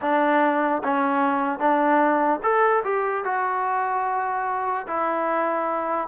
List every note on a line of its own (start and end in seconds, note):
0.01 0.82 D4
0.83 1.58 C#4
1.58 2.40 D4
2.42 2.83 A4
2.84 3.24 G4
3.24 4.86 F#4
4.86 6.08 E4